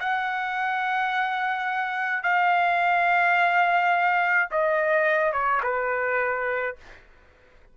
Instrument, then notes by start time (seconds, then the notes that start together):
trumpet
0.00 F#5
2.23 F5
4.51 D#5
5.33 C#5
5.63 B4